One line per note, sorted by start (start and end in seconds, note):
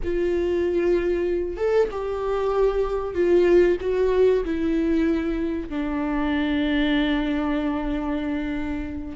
0.03 1.56 F4
1.56 1.88 A4
1.91 3.14 G4
3.14 3.77 F4
3.80 4.44 F#4
4.44 5.69 E4
5.69 9.16 D4